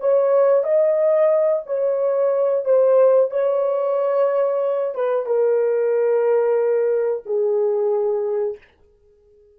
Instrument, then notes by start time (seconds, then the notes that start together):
horn
0.00 C#5
0.64 D#5
1.66 C#5
2.65 C5
3.31 C#5
4.95 B4
5.26 A#4
7.26 G#4